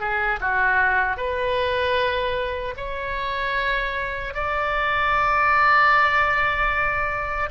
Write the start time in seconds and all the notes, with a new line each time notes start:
0.00 G#4
0.40 F#4
1.17 B4
2.77 C#5
4.34 D5